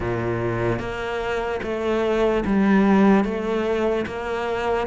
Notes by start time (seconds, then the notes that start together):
0.00 A#2
0.79 A#3
1.63 A3
2.45 G3
3.24 A3
4.06 A#3